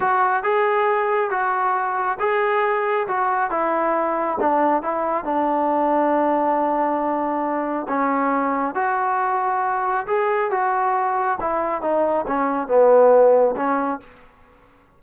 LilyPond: \new Staff \with { instrumentName = "trombone" } { \time 4/4 \tempo 4 = 137 fis'4 gis'2 fis'4~ | fis'4 gis'2 fis'4 | e'2 d'4 e'4 | d'1~ |
d'2 cis'2 | fis'2. gis'4 | fis'2 e'4 dis'4 | cis'4 b2 cis'4 | }